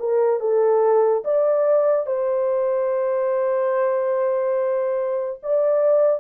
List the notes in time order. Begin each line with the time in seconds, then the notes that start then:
0.00 A#4
0.41 A4
1.25 D5
2.07 C5
5.43 D5